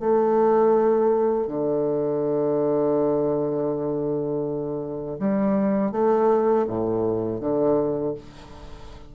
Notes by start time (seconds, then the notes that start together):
0.00 A3
1.47 D3
5.20 G3
5.92 A3
6.67 A2
7.40 D3